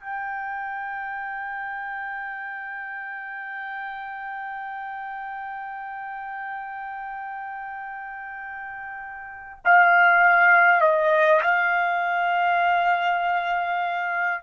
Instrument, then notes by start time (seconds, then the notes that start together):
trumpet
0.00 G5
9.64 F5
10.81 D#5
11.42 F5